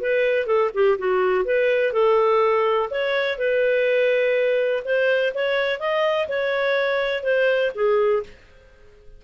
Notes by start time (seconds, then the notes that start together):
0.00 B4
0.46 A4
0.74 G4
0.98 F#4
1.45 B4
1.93 A4
2.90 C#5
3.38 B4
4.85 C5
5.34 C#5
5.80 D#5
6.28 C#5
7.23 C5
7.75 G#4